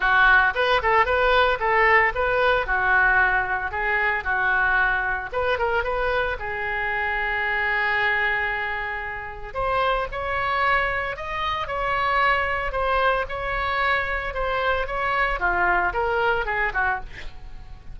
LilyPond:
\new Staff \with { instrumentName = "oboe" } { \time 4/4 \tempo 4 = 113 fis'4 b'8 a'8 b'4 a'4 | b'4 fis'2 gis'4 | fis'2 b'8 ais'8 b'4 | gis'1~ |
gis'2 c''4 cis''4~ | cis''4 dis''4 cis''2 | c''4 cis''2 c''4 | cis''4 f'4 ais'4 gis'8 fis'8 | }